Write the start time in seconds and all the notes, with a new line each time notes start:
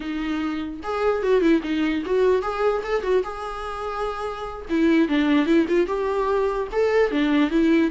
0.00 D#4
0.83 G#4
1.22 F#4
1.41 E4
1.63 D#4
2.05 F#4
2.41 G#4
2.83 A4
3.02 F#4
3.23 G#4
4.69 E4
5.08 D4
5.45 E4
5.68 F4
5.86 G4
6.72 A4
7.11 D4
7.50 E4